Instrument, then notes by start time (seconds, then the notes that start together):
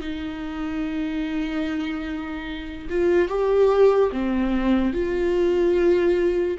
viola
0.00 D#4
2.89 F4
3.28 G4
4.12 C4
4.93 F4